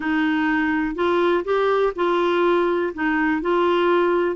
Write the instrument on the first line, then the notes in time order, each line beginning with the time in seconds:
clarinet
0.00 D#4
0.95 F4
1.44 G4
1.95 F4
2.94 D#4
3.41 F4